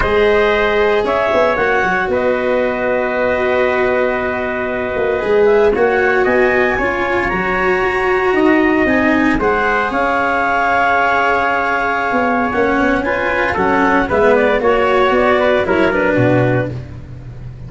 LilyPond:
<<
  \new Staff \with { instrumentName = "clarinet" } { \time 4/4 \tempo 4 = 115 dis''2 e''4 fis''4 | dis''1~ | dis''2~ dis''8 e''8 fis''4 | gis''2 ais''2~ |
ais''4 gis''4 fis''4 f''4~ | f''1 | fis''4 gis''4 fis''4 e''8 d''8 | cis''4 d''4 cis''8 b'4. | }
  \new Staff \with { instrumentName = "trumpet" } { \time 4/4 c''2 cis''2 | b'1~ | b'2. cis''4 | dis''4 cis''2. |
dis''2 c''4 cis''4~ | cis''1~ | cis''4 b'4 a'4 b'4 | cis''4. b'8 ais'4 fis'4 | }
  \new Staff \with { instrumentName = "cello" } { \time 4/4 gis'2. fis'4~ | fis'1~ | fis'2 gis'4 fis'4~ | fis'4 f'4 fis'2~ |
fis'4 dis'4 gis'2~ | gis'1 | cis'4 f'4 cis'4 b4 | fis'2 e'8 d'4. | }
  \new Staff \with { instrumentName = "tuba" } { \time 4/4 gis2 cis'8 b8 ais8 fis8 | b1~ | b4. ais8 gis4 ais4 | b4 cis'4 fis4 fis'4 |
dis'4 c'4 gis4 cis'4~ | cis'2.~ cis'16 b8. | ais8 b8 cis'4 fis4 gis4 | ais4 b4 fis4 b,4 | }
>>